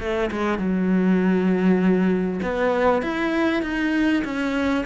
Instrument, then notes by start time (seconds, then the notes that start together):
cello
0.00 A3
0.32 G#3
0.59 F#3
2.43 B3
3.03 E4
3.63 D#4
4.24 C#4